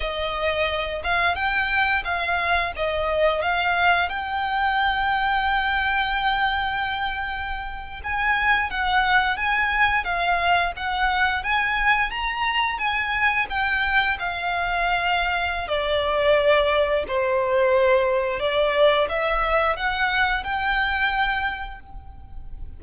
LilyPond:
\new Staff \with { instrumentName = "violin" } { \time 4/4 \tempo 4 = 88 dis''4. f''8 g''4 f''4 | dis''4 f''4 g''2~ | g''2.~ g''8. gis''16~ | gis''8. fis''4 gis''4 f''4 fis''16~ |
fis''8. gis''4 ais''4 gis''4 g''16~ | g''8. f''2~ f''16 d''4~ | d''4 c''2 d''4 | e''4 fis''4 g''2 | }